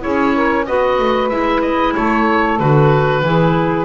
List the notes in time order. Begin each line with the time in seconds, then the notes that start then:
0.00 C#4 E4 G#4 C#5
0.34 A#4
0.66 B3 F#4 B4 D#5
0.99 A3
1.29 G#3 E4 E5
1.61 D#5
1.94 A3 A4 C#5
2.59 D3 F#4 B4
3.22 E3 E4 G#4